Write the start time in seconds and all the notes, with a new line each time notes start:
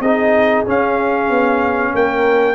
0.00 C4 D#4 G#4 D#5
0.66 C#4 F5
1.29 B3
1.94 A#3 A#4 G5